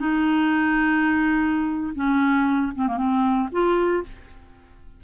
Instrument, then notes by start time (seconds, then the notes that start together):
clarinet
0.00 D#4
1.96 C#4
2.75 C4
2.88 A#3
2.98 C4
3.52 F4